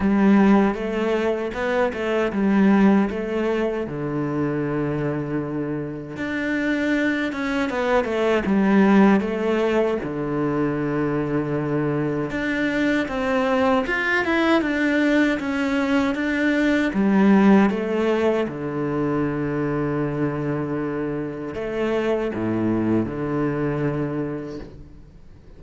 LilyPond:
\new Staff \with { instrumentName = "cello" } { \time 4/4 \tempo 4 = 78 g4 a4 b8 a8 g4 | a4 d2. | d'4. cis'8 b8 a8 g4 | a4 d2. |
d'4 c'4 f'8 e'8 d'4 | cis'4 d'4 g4 a4 | d1 | a4 a,4 d2 | }